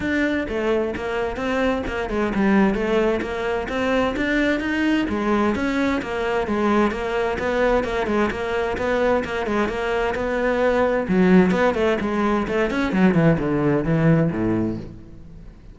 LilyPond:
\new Staff \with { instrumentName = "cello" } { \time 4/4 \tempo 4 = 130 d'4 a4 ais4 c'4 | ais8 gis8 g4 a4 ais4 | c'4 d'4 dis'4 gis4 | cis'4 ais4 gis4 ais4 |
b4 ais8 gis8 ais4 b4 | ais8 gis8 ais4 b2 | fis4 b8 a8 gis4 a8 cis'8 | fis8 e8 d4 e4 a,4 | }